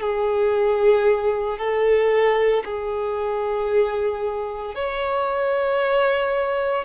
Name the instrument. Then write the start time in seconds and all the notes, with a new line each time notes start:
violin
0.00 G#4
1.58 A4
2.64 G#4
4.75 C#5